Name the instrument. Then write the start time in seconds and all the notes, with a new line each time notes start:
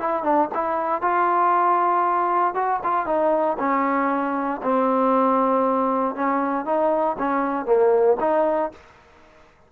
trombone
0.00 E4
0.24 D4
0.55 E4
1.02 F4
2.55 F#4
2.84 F4
3.06 D#4
3.59 C#4
4.63 C4
6.16 C#4
6.65 D#4
7.19 C#4
7.66 A#3
8.21 D#4